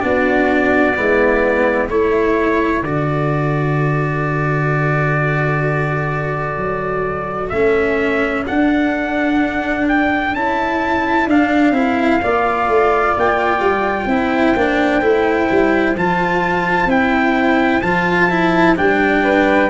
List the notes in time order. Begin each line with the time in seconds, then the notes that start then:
0.00 B3 D4 F#4 D5
0.96 G#3 B3 E4
1.89 A3 E4 A4 C#5
2.82 D3 F#4 D5
6.57 F#3
7.49 A3 C#4 E5
8.47 D4 F#5
9.88 G5
10.34 C#4 E4 A5
11.26 D4 F5
11.71 C4 E4
12.22 A#3 F4 D5
12.68 A3
13.17 A#3 G5
13.60 G3
14.05 C4 E4 C5
14.56 A#3 D4
15.01 A3 E4
15.50 G3
15.95 F3 F4 A5
16.86 C4 E4 G5
17.81 F3 F4 A5
18.30 E4
18.76 G3 D4 G5
19.23 B4